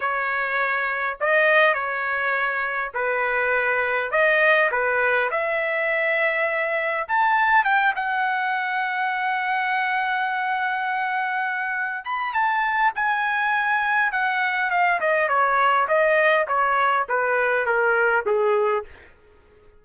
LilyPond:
\new Staff \with { instrumentName = "trumpet" } { \time 4/4 \tempo 4 = 102 cis''2 dis''4 cis''4~ | cis''4 b'2 dis''4 | b'4 e''2. | a''4 g''8 fis''2~ fis''8~ |
fis''1~ | fis''8 b''8 a''4 gis''2 | fis''4 f''8 dis''8 cis''4 dis''4 | cis''4 b'4 ais'4 gis'4 | }